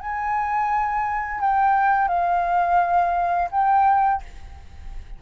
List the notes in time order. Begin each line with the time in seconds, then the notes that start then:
0.00 G#5
1.41 G5
2.08 F5
3.51 G5